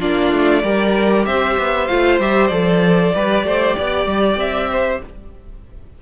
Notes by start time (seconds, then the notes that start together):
0.00 A#3 D4 F4 D5
0.32 A3
0.63 G3 G4 A#4
1.25 C4 C5 E5
1.58 B3
1.88 A3 F4 F5
2.19 G3 G4 E5
2.48 F3 A4 D5
3.14 G3 G4 B4
3.44 A3 C5
3.77 B3 D5
4.06 G3
4.36 C4 E5
4.71 C5